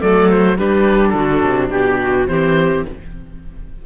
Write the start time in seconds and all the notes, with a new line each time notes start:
0.00 F#3 A3 A4 D5
0.30 C5
0.58 G3 D4 G4 B4
1.09 D3 F#4 A4
1.43 C3
1.70 B2 G4
2.01 F#4
2.28 E3 C4 G4 C5